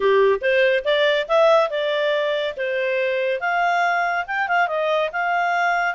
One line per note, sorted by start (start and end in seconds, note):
0.00 0.39 G4
0.41 0.83 C5
0.84 1.26 D5
1.28 1.69 E5
1.69 2.55 D5
2.56 3.40 C5
3.40 4.25 F5
4.26 4.48 G5
4.48 4.67 F5
4.67 5.10 D#5
5.12 5.94 F5